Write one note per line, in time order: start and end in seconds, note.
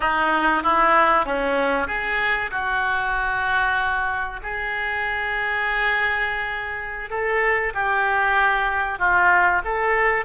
0.00 0.63 D#4
0.63 1.25 E4
1.25 1.87 C#4
1.87 2.50 G#4
2.51 4.40 F#4
4.42 7.09 G#4
7.09 7.73 A4
7.74 8.98 G4
8.98 9.61 F4
9.64 10.25 A4